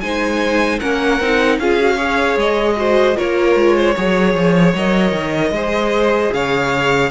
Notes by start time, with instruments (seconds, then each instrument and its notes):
0.00 cello G#3, viola D#4, violin C5 G#5
0.79 cello A#3, viola C#4, violin A#4 F#5
1.20 cello C4, viola D#4
1.58 cello C#4, viola F4, violin G#4 F5
1.79 viola F#4
1.95 viola G#4, violin C#5
2.36 cello G#3, violin D#5
2.76 viola F#4, violin C5
3.15 cello A#3, viola F4, violin A#4 C#5
3.55 cello G#3
3.76 violin C5
3.94 cello F#3, viola G#4, violin C#5
4.34 cello F3
4.74 cello F#3, viola A#4, violin D#5
5.12 cello D#3
5.50 cello G#3, viola G#4, violin C5
6.32 cello C#3, violin C#5 F5